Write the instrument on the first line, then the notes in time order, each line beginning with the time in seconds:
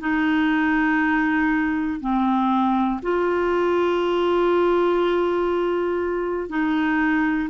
clarinet
0.00 D#4
2.00 C4
3.02 F4
6.50 D#4